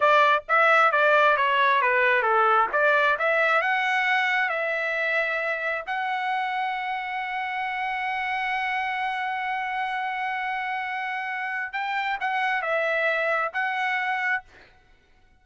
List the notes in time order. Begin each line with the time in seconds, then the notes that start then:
0.00 D5
0.48 E5
0.91 D5
1.37 C#5
1.81 B4
2.22 A4
2.72 D5
3.18 E5
3.61 F#5
4.49 E5
5.86 F#5
11.72 G5
12.20 F#5
12.62 E5
13.53 F#5